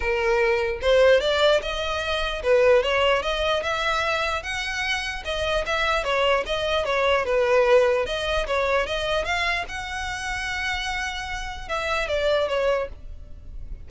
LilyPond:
\new Staff \with { instrumentName = "violin" } { \time 4/4 \tempo 4 = 149 ais'2 c''4 d''4 | dis''2 b'4 cis''4 | dis''4 e''2 fis''4~ | fis''4 dis''4 e''4 cis''4 |
dis''4 cis''4 b'2 | dis''4 cis''4 dis''4 f''4 | fis''1~ | fis''4 e''4 d''4 cis''4 | }